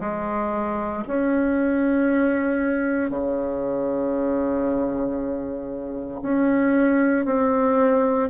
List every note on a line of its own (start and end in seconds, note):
0.00 1.03 G#3
1.07 3.10 C#4
3.10 6.20 C#3
6.22 7.25 C#4
7.25 8.29 C4